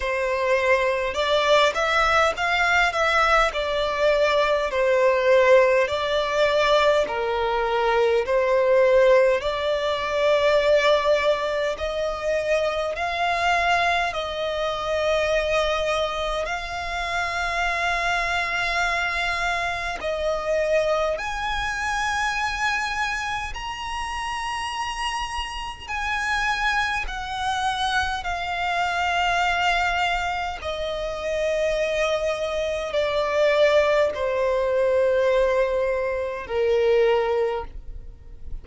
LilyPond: \new Staff \with { instrumentName = "violin" } { \time 4/4 \tempo 4 = 51 c''4 d''8 e''8 f''8 e''8 d''4 | c''4 d''4 ais'4 c''4 | d''2 dis''4 f''4 | dis''2 f''2~ |
f''4 dis''4 gis''2 | ais''2 gis''4 fis''4 | f''2 dis''2 | d''4 c''2 ais'4 | }